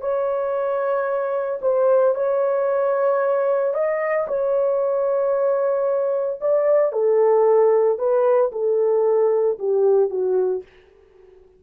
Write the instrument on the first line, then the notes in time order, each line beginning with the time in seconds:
horn
0.00 C#5
1.61 C5
2.15 C#5
3.74 D#5
4.27 C#5
6.40 D5
6.92 A4
7.98 B4
8.52 A4
9.58 G4
10.10 F#4